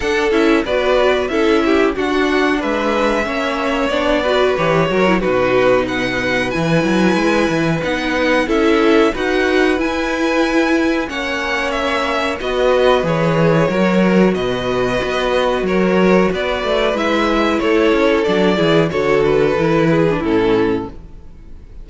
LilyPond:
<<
  \new Staff \with { instrumentName = "violin" } { \time 4/4 \tempo 4 = 92 fis''8 e''8 d''4 e''4 fis''4 | e''2 d''4 cis''4 | b'4 fis''4 gis''2 | fis''4 e''4 fis''4 gis''4~ |
gis''4 fis''4 e''4 dis''4 | cis''2 dis''2 | cis''4 d''4 e''4 cis''4 | d''4 cis''8 b'4. a'4 | }
  \new Staff \with { instrumentName = "violin" } { \time 4/4 a'4 b'4 a'8 g'8 fis'4 | b'4 cis''4. b'4 ais'8 | fis'4 b'2.~ | b'4 a'4 b'2~ |
b'4 cis''2 b'4~ | b'4 ais'4 b'2 | ais'4 b'2 a'4~ | a'8 gis'8 a'4. gis'8 e'4 | }
  \new Staff \with { instrumentName = "viola" } { \time 4/4 d'8 e'8 fis'4 e'4 d'4~ | d'4 cis'4 d'8 fis'8 g'8 fis'16 e'16 | dis'2 e'2 | dis'4 e'4 fis'4 e'4~ |
e'4 cis'2 fis'4 | gis'4 fis'2.~ | fis'2 e'2 | d'8 e'8 fis'4 e'8. d'16 cis'4 | }
  \new Staff \with { instrumentName = "cello" } { \time 4/4 d'8 cis'8 b4 cis'4 d'4 | gis4 ais4 b4 e8 fis8 | b,2 e8 fis8 gis8 e8 | b4 cis'4 dis'4 e'4~ |
e'4 ais2 b4 | e4 fis4 b,4 b4 | fis4 b8 a8 gis4 a8 cis'8 | fis8 e8 d4 e4 a,4 | }
>>